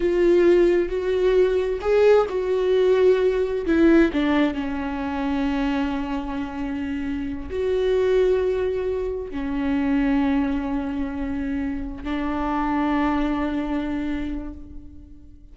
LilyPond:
\new Staff \with { instrumentName = "viola" } { \time 4/4 \tempo 4 = 132 f'2 fis'2 | gis'4 fis'2. | e'4 d'4 cis'2~ | cis'1~ |
cis'8 fis'2.~ fis'8~ | fis'8 cis'2.~ cis'8~ | cis'2~ cis'8 d'4.~ | d'1 | }